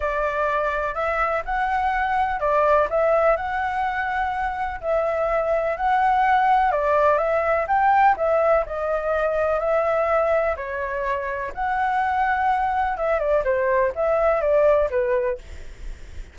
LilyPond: \new Staff \with { instrumentName = "flute" } { \time 4/4 \tempo 4 = 125 d''2 e''4 fis''4~ | fis''4 d''4 e''4 fis''4~ | fis''2 e''2 | fis''2 d''4 e''4 |
g''4 e''4 dis''2 | e''2 cis''2 | fis''2. e''8 d''8 | c''4 e''4 d''4 b'4 | }